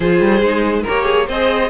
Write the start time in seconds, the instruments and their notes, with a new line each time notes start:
0.00 cello F3, viola F4, violin G#4 C5
0.20 cello G3
0.41 cello G#3, viola D#4
0.82 viola G4, violin A#4 C#5
0.89 cello A#3
1.04 violin G#4
1.27 cello C4, viola G#4, violin C5 D#5